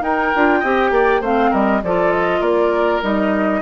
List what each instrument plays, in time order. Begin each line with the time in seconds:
0.00 bassoon D#4, clarinet D#4, oboe A#4, flute G5
0.35 bassoon D4, clarinet F4
0.59 bassoon C4, clarinet G4, oboe D#5
0.90 bassoon A#3, oboe D5
1.21 bassoon A3, clarinet C4, oboe C5, flute F5
1.50 bassoon G3, oboe A#4, flute D#5
1.82 bassoon F3, clarinet F4, oboe A4, flute D5
2.11 flute D#5
2.40 bassoon A#3, oboe A#4, flute D5
3.02 bassoon G3, clarinet D#4, flute D#5